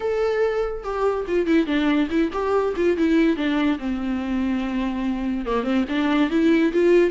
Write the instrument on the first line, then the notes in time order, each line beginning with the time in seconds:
viola
0.00 A4
0.83 G4
1.27 F4
1.46 E4
1.66 D4
2.10 E4
2.32 G4
2.76 F4
2.97 E4
3.36 D4
3.78 C4
5.45 A#3
5.63 C4
5.88 D4
6.30 E4
6.72 F4